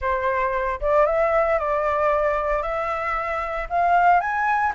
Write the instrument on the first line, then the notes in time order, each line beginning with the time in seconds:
flute
0.01 C5
0.80 D5
1.06 E5
1.58 D5
2.62 E5
3.69 F5
4.20 G#5